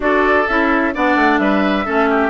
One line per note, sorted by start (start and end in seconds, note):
0.00 0.45 D4
0.00 0.44 F#4
0.00 0.94 A4
0.00 0.47 D5
0.47 0.95 C#4
0.47 0.93 E4
0.47 0.93 E5
0.93 1.16 B3
0.93 1.85 D4
0.93 1.40 D5
0.93 1.38 F#5
1.16 1.38 A3
1.38 1.85 G3
1.38 1.85 B4
1.38 2.29 E5
1.85 2.29 A3
1.85 2.29 C#4
1.85 2.08 A4
2.09 2.29 G4